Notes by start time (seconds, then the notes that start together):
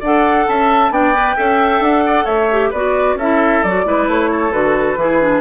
0.00 D4 A4 D5 F#5
0.48 C#4 E5 A5
0.90 B3 D4 D5 G5
1.15 B4
1.36 C#4 A4 E5
1.80 D4 F#5
2.06 D5
2.25 A3 C#5 E5
2.51 G4
2.70 B3 F#4 B4 D5
3.15 C#4 E4 A4 E5
3.63 F#3 F#4 D5
3.85 G#3 E4 B4
4.07 A3 C#5
4.31 A4
4.52 D3 F#4 B4
4.96 E3 E4 G#4
5.21 D4